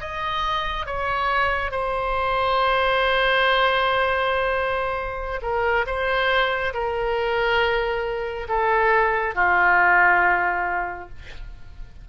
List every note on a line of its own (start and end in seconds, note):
0.00 0.86 D#5
0.86 1.71 C#5
1.71 5.41 C5
5.42 5.86 A#4
5.87 6.74 C5
6.74 8.47 A#4
8.49 9.35 A4
9.35 11.09 F4